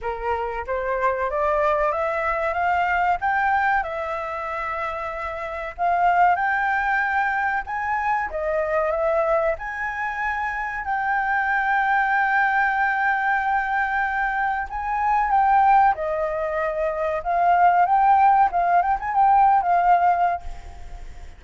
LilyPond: \new Staff \with { instrumentName = "flute" } { \time 4/4 \tempo 4 = 94 ais'4 c''4 d''4 e''4 | f''4 g''4 e''2~ | e''4 f''4 g''2 | gis''4 dis''4 e''4 gis''4~ |
gis''4 g''2.~ | g''2. gis''4 | g''4 dis''2 f''4 | g''4 f''8 g''16 gis''16 g''8. f''4~ f''16 | }